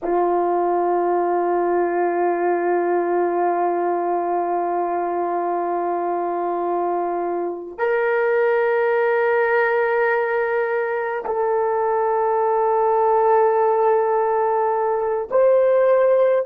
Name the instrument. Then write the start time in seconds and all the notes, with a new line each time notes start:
horn
0.02 F4
7.78 A#4
11.24 A4
15.30 C5